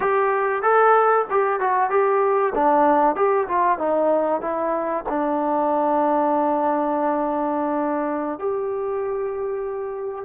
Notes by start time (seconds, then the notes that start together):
0.00 G4
0.62 A4
1.30 G4
1.60 F#4
1.89 G4
2.54 D4
3.16 G4
3.47 F4
3.78 D#4
4.41 E4
5.08 D4
8.39 G4